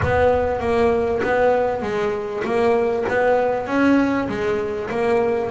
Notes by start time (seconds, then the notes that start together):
0.03 B3
0.60 A#3
1.22 B3
1.82 G#3
2.44 A#3
3.09 B3
3.66 C#4
4.28 G#3
4.90 A#3